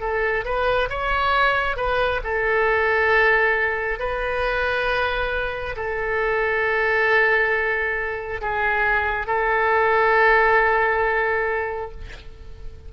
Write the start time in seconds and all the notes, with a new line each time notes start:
0.00 A4
0.45 B4
0.89 C#5
1.76 B4
2.23 A4
3.99 B4
5.76 A4
8.41 G#4
9.26 A4